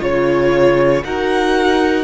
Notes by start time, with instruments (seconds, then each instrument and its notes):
0.00 cello C#3, viola F4, violin C#5
1.05 cello D#4, viola F#4, violin A#4 F#5